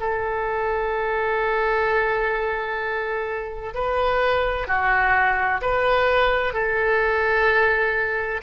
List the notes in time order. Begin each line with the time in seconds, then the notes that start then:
0.00 A4
3.74 B4
4.67 F#4
5.62 B4
6.54 A4